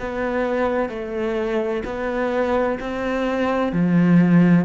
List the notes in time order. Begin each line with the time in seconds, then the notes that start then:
0.00 B3
0.90 A3
1.85 B3
2.80 C4
3.73 F3